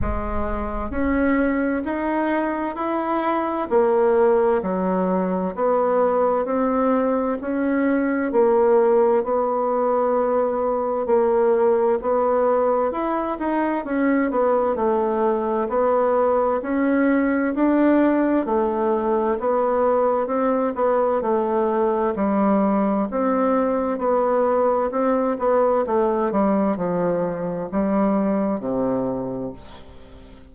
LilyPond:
\new Staff \with { instrumentName = "bassoon" } { \time 4/4 \tempo 4 = 65 gis4 cis'4 dis'4 e'4 | ais4 fis4 b4 c'4 | cis'4 ais4 b2 | ais4 b4 e'8 dis'8 cis'8 b8 |
a4 b4 cis'4 d'4 | a4 b4 c'8 b8 a4 | g4 c'4 b4 c'8 b8 | a8 g8 f4 g4 c4 | }